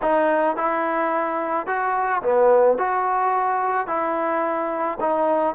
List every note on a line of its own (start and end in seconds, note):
0.02 0.56 D#4
0.56 1.66 E4
1.66 2.22 F#4
2.22 2.78 B3
2.78 3.87 F#4
3.87 4.98 E4
5.00 5.55 D#4